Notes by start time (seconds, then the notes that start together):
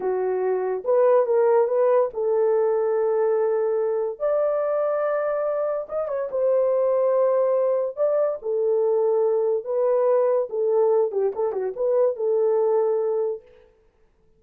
0.00 F#4
0.84 B4
1.26 A#4
1.67 B4
2.13 A4
4.19 D5
5.88 D#5
6.08 C#5
6.31 C5
7.96 D5
8.42 A4
9.64 B4
10.49 A4
11.11 G4
11.35 A4
11.52 F#4
11.76 B4
12.16 A4